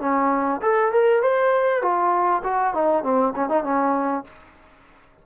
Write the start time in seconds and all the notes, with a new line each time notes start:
0.00 C#4
0.61 A4
0.92 A#4
1.22 C5
1.82 F4
2.44 F#4
2.74 D#4
3.03 C4
3.35 C#4
3.49 D#4
3.63 C#4